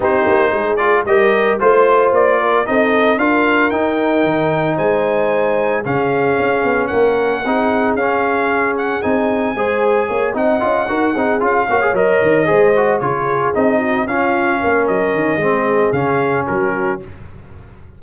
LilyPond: <<
  \new Staff \with { instrumentName = "trumpet" } { \time 4/4 \tempo 4 = 113 c''4. d''8 dis''4 c''4 | d''4 dis''4 f''4 g''4~ | g''4 gis''2 f''4~ | f''4 fis''2 f''4~ |
f''8 fis''8 gis''2~ gis''8 fis''8~ | fis''4. f''4 dis''4.~ | dis''8 cis''4 dis''4 f''4. | dis''2 f''4 ais'4 | }
  \new Staff \with { instrumentName = "horn" } { \time 4/4 g'4 gis'4 ais'4 c''4~ | c''8 ais'8 a'4 ais'2~ | ais'4 c''2 gis'4~ | gis'4 ais'4 gis'2~ |
gis'2 c''4 cis''8 dis''8~ | dis''8 ais'8 gis'4 cis''4. c''8~ | c''8 gis'4. fis'8 f'4 ais'8~ | ais'4 gis'2 fis'4 | }
  \new Staff \with { instrumentName = "trombone" } { \time 4/4 dis'4. f'8 g'4 f'4~ | f'4 dis'4 f'4 dis'4~ | dis'2. cis'4~ | cis'2 dis'4 cis'4~ |
cis'4 dis'4 gis'4. dis'8 | f'8 fis'8 dis'8 f'8 fis'16 gis'16 ais'4 gis'8 | fis'8 f'4 dis'4 cis'4.~ | cis'4 c'4 cis'2 | }
  \new Staff \with { instrumentName = "tuba" } { \time 4/4 c'8 ais8 gis4 g4 a4 | ais4 c'4 d'4 dis'4 | dis4 gis2 cis4 | cis'8 b8 ais4 c'4 cis'4~ |
cis'4 c'4 gis4 ais8 c'8 | cis'8 dis'8 c'8 cis'8 ais8 fis8 dis8 gis8~ | gis8 cis4 c'4 cis'4 ais8 | fis8 dis8 gis4 cis4 fis4 | }
>>